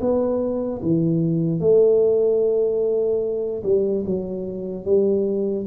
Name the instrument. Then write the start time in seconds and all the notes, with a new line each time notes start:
tuba
0.00 B3
0.81 E3
1.60 A3
3.63 G3
4.06 F#3
4.85 G3